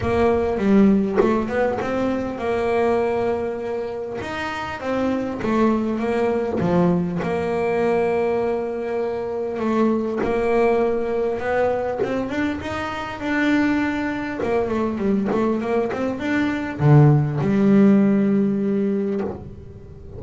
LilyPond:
\new Staff \with { instrumentName = "double bass" } { \time 4/4 \tempo 4 = 100 ais4 g4 a8 b8 c'4 | ais2. dis'4 | c'4 a4 ais4 f4 | ais1 |
a4 ais2 b4 | c'8 d'8 dis'4 d'2 | ais8 a8 g8 a8 ais8 c'8 d'4 | d4 g2. | }